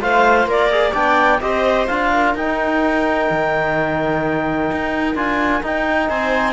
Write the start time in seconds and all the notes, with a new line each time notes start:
0.00 A3 F4 C5 F5
0.46 A#3 A#4 D5
0.71 G#4
0.92 B3 D4 D5 G5
1.40 C4 G4 C5 D#5
1.86 D4 F4 F5
2.12 A#4
2.34 D#4 G5
3.30 D#3
4.71 D#4
5.15 D4 F4 G#5
5.62 D#4 G5
6.08 C4 C5 G#5